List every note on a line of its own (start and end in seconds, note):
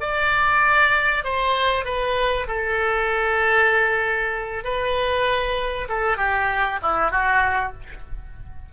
0.00 1.24 D5
1.24 1.85 C5
1.85 2.47 B4
2.47 4.64 A4
4.64 5.88 B4
5.88 6.17 A4
6.17 6.79 G4
6.82 7.11 E4
7.11 7.73 F#4